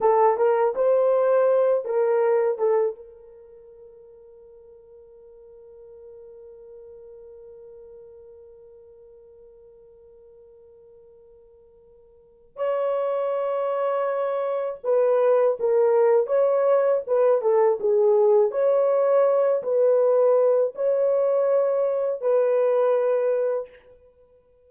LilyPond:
\new Staff \with { instrumentName = "horn" } { \time 4/4 \tempo 4 = 81 a'8 ais'8 c''4. ais'4 a'8 | ais'1~ | ais'1~ | ais'1~ |
ais'4 cis''2. | b'4 ais'4 cis''4 b'8 a'8 | gis'4 cis''4. b'4. | cis''2 b'2 | }